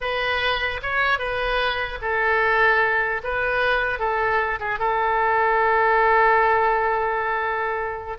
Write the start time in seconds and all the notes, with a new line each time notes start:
0.00 B4
0.82 C#5
1.18 B4
2.01 A4
3.23 B4
3.99 A4
4.59 G#4
4.79 A4